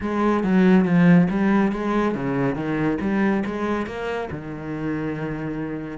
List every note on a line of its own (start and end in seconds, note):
0.00 0.43 G#3
0.43 0.84 F#3
0.84 1.27 F3
1.30 1.71 G3
1.71 2.14 G#3
2.14 2.55 C#3
2.55 2.98 D#3
3.00 3.43 G3
3.45 3.86 G#3
3.86 4.29 A#3
4.31 5.98 D#3